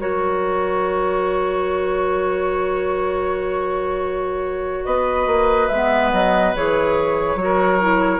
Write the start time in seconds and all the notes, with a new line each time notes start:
0.00 F#3 F#4 A#4 C#5
4.85 B3 B4 D#5
5.26 A#3
5.68 G#3 B3 E5
6.12 F#3 D#5
6.55 E3 G#4 C#5
7.35 F#3 F#4
7.44 A#4
7.81 E4